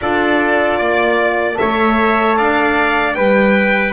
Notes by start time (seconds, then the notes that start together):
0.01 D4 F4 A4 D5
0.78 A#3 D5
1.54 A4 C#5 E5
1.61 A3
2.37 D4 D5 F5
3.13 G3 B4 G5